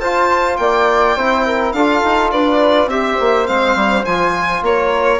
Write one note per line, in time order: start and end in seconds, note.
0.00 0.58 F4
0.00 1.18 F4
0.00 0.58 C5
0.00 0.57 A5
0.57 1.16 A#3
0.57 1.16 D5
0.57 1.72 G5
1.16 1.73 C4
1.16 1.76 E4
1.16 1.45 C5
1.45 1.74 A#4
1.72 2.02 D4
1.72 2.90 F4
1.72 2.32 A4
1.72 2.30 F5
2.03 2.32 D#4
2.31 2.87 D4
2.31 2.90 B4
2.31 2.89 D5
2.87 3.16 C4
2.87 3.47 G4
2.87 4.63 C5
2.87 3.47 E5
3.20 3.49 A#3
3.47 3.75 G#3
3.47 4.04 C4
3.47 4.04 F5
3.75 4.04 G3
4.05 4.62 F3
4.05 5.19 F4
4.05 4.63 G#5
4.62 5.19 A#3
4.62 5.19 A#4
4.62 5.19 C#5